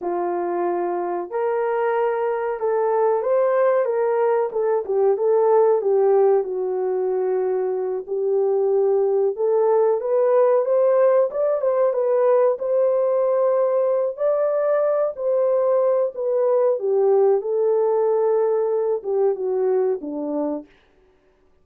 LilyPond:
\new Staff \with { instrumentName = "horn" } { \time 4/4 \tempo 4 = 93 f'2 ais'2 | a'4 c''4 ais'4 a'8 g'8 | a'4 g'4 fis'2~ | fis'8 g'2 a'4 b'8~ |
b'8 c''4 d''8 c''8 b'4 c''8~ | c''2 d''4. c''8~ | c''4 b'4 g'4 a'4~ | a'4. g'8 fis'4 d'4 | }